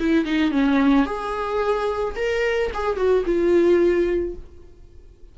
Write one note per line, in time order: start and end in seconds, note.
0.00 0.26 E4
0.26 0.52 D#4
0.52 1.06 C#4
1.06 2.15 G#4
2.16 2.71 A#4
2.74 2.97 G#4
2.97 3.25 F#4
3.27 4.36 F4